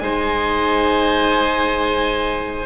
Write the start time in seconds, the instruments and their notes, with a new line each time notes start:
0.00 double bass G#3, viola D#4, oboe C5, violin G#5